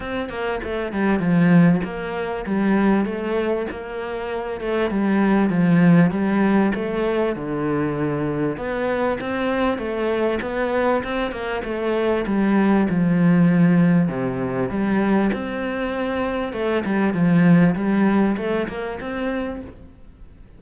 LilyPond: \new Staff \with { instrumentName = "cello" } { \time 4/4 \tempo 4 = 98 c'8 ais8 a8 g8 f4 ais4 | g4 a4 ais4. a8 | g4 f4 g4 a4 | d2 b4 c'4 |
a4 b4 c'8 ais8 a4 | g4 f2 c4 | g4 c'2 a8 g8 | f4 g4 a8 ais8 c'4 | }